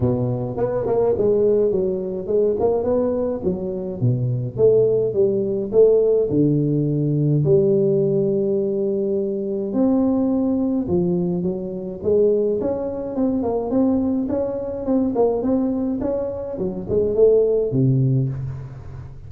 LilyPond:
\new Staff \with { instrumentName = "tuba" } { \time 4/4 \tempo 4 = 105 b,4 b8 ais8 gis4 fis4 | gis8 ais8 b4 fis4 b,4 | a4 g4 a4 d4~ | d4 g2.~ |
g4 c'2 f4 | fis4 gis4 cis'4 c'8 ais8 | c'4 cis'4 c'8 ais8 c'4 | cis'4 fis8 gis8 a4 c4 | }